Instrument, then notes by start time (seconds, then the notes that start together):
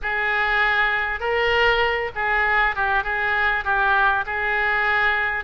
oboe
0.02 G#4
1.20 A#4
2.15 G#4
2.75 G4
3.03 G#4
3.64 G4
4.26 G#4